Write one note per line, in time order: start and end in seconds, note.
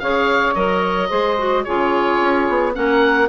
0.00 0.55 C#3
0.00 0.56 G#4
0.00 1.09 C#5
0.00 0.55 F5
0.55 1.10 F#3
0.55 1.10 A#4
0.55 1.64 D#5
1.09 1.66 G#3
1.09 1.37 G#4
1.09 1.64 C5
1.38 1.65 F#4
1.64 2.21 C#3
1.64 2.74 F4
1.64 2.74 G#4
1.64 2.73 C#5
2.21 2.48 C#4
2.49 2.76 B3
2.74 3.29 A#3
2.74 3.28 C#4
2.74 3.29 A#4
2.74 3.29 F#5